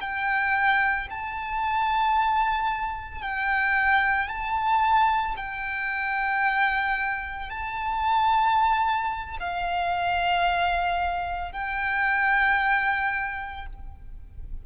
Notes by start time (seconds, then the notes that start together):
0.00 G5
1.10 A5
3.21 G5
4.28 A5
5.36 G5
7.50 A5
9.39 F5
11.51 G5